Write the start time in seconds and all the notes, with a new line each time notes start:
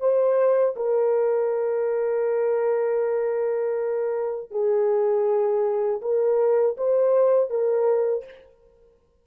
0.00 C5
0.76 A#4
4.51 G#4
6.01 A#4
6.77 C5
7.50 A#4